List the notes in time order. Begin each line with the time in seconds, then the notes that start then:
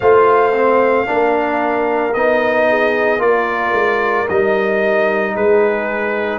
0.00 A3 F4 C5 F5
0.52 C4
1.06 A#3 D4
1.12 A#4
2.13 B3 D#4 D#5
2.69 G#4
3.18 A#3 F4 D5
3.25 A#4
3.72 G#3
4.28 G3 D#4 D#5
5.34 G#3 G#4 B4